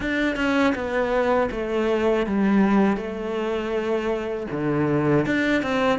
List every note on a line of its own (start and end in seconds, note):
0.00 0.36 D4
0.36 0.73 C#4
0.74 1.49 B3
1.51 2.26 A3
2.26 2.96 G3
2.96 4.46 A3
4.51 5.26 D3
5.26 5.62 D4
5.62 5.99 C4